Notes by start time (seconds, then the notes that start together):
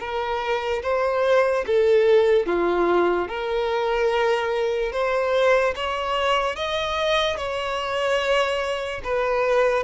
0.00 A#4
0.83 C5
1.67 A4
2.47 F4
3.29 A#4
4.92 C5
5.76 C#5
6.56 D#5
7.37 C#5
9.04 B4